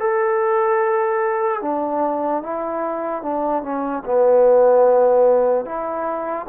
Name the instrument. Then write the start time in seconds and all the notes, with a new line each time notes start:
trombone
0.00 A4
1.62 D4
2.43 E4
3.23 D4
3.63 C#4
4.06 B3
5.66 E4